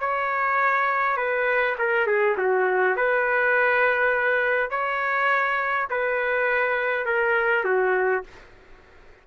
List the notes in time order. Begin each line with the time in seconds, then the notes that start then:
0.00 C#5
1.17 B4
1.79 A#4
2.07 G#4
2.38 F#4
2.97 B4
4.70 C#5
5.90 B4
7.06 A#4
7.65 F#4